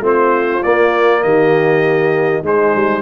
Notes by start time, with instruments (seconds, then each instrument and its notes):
0.00 tuba A3, trombone C4, horn F4
0.07 trumpet C5
0.63 trombone A#3, tuba A#3, trumpet D5
1.23 tuba D#3, horn G4, trumpet D#5
2.43 tuba G#3, trombone G#3, horn D#4, trumpet C5
2.75 tuba G3